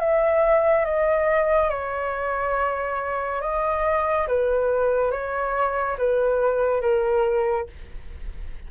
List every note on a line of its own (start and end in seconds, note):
0.00 0.85 E5
0.85 1.70 D#5
1.70 3.41 C#5
3.42 4.27 D#5
4.28 5.12 B4
5.12 5.97 C#5
5.98 6.81 B4
6.81 7.67 A#4